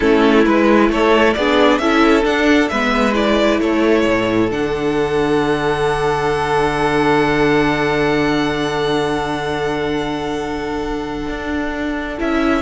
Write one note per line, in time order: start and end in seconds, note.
0.00 0.46 A3
0.00 0.45 C#4
0.00 0.90 E4
0.00 0.44 A4
0.44 0.89 G#3
0.44 1.35 E4
0.44 0.89 B4
0.89 1.34 A3
0.89 1.36 A4
0.89 1.33 C#5
1.33 1.79 B3
1.33 1.81 D4
1.33 1.81 G#4
1.33 1.78 D5
1.78 2.24 C#4
1.78 2.23 E4
1.78 2.70 A4
1.78 2.23 E5
2.23 2.68 D4
2.23 2.70 D4
2.23 2.68 F#5
2.68 3.59 G#3
2.68 3.13 B3
2.68 3.60 B4
2.68 3.13 E5
3.13 4.48 E4
3.13 3.60 D5
3.59 4.04 A3
3.59 12.61 A4
3.59 4.50 C#5
4.05 4.50 A2
4.50 11.28 D3
4.50 12.17 D4
4.50 12.19 F#5
11.28 12.18 D4
12.17 12.61 C#4
12.17 12.61 E4
12.17 12.61 E5